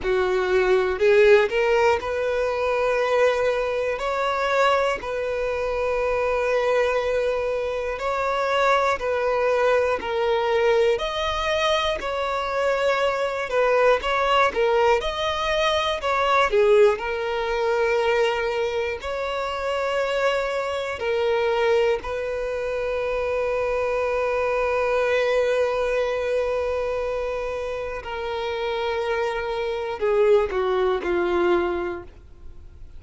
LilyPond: \new Staff \with { instrumentName = "violin" } { \time 4/4 \tempo 4 = 60 fis'4 gis'8 ais'8 b'2 | cis''4 b'2. | cis''4 b'4 ais'4 dis''4 | cis''4. b'8 cis''8 ais'8 dis''4 |
cis''8 gis'8 ais'2 cis''4~ | cis''4 ais'4 b'2~ | b'1 | ais'2 gis'8 fis'8 f'4 | }